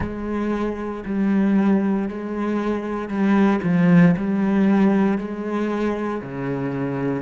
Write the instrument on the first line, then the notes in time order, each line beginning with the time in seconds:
cello
0.00 G#3
1.05 G3
2.08 G#3
3.08 G3
3.63 F3
4.17 G3
5.18 G#3
6.22 C#3